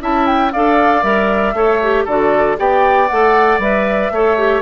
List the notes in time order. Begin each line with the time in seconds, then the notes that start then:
0.00 C#4 E4 E5 A5
0.26 G5
0.52 D4 A4 D5 F5
1.03 G3 A#4 E5
1.54 A3 A4 C#5
1.82 G4
2.05 D3 F#4 A4 D5
2.57 B3 G4 D5 G5
3.08 A3 A4 F#5
3.58 G3 B4 E5
4.11 A3 A4 C#5
4.38 G4